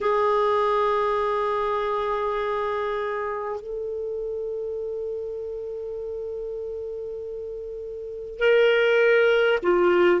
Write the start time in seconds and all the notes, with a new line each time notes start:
0.01 G#4
3.60 A4
8.38 A#4
9.62 F4